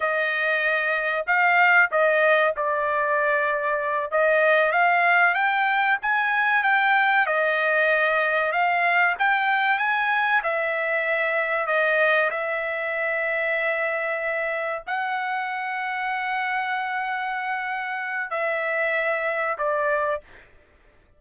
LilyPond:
\new Staff \with { instrumentName = "trumpet" } { \time 4/4 \tempo 4 = 95 dis''2 f''4 dis''4 | d''2~ d''8 dis''4 f''8~ | f''8 g''4 gis''4 g''4 dis''8~ | dis''4. f''4 g''4 gis''8~ |
gis''8 e''2 dis''4 e''8~ | e''2.~ e''8 fis''8~ | fis''1~ | fis''4 e''2 d''4 | }